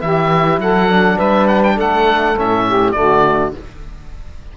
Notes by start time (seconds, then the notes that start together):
0.00 E3 E4 G4 E5
0.58 F#3 A4 F#5
0.88 D4
1.16 G3 B4 E5
1.48 F#5
1.63 G5
1.76 A3 A4 F#5
2.37 A2 C#4 E5
2.67 G4
2.91 D3 A3 D5
2.98 F#4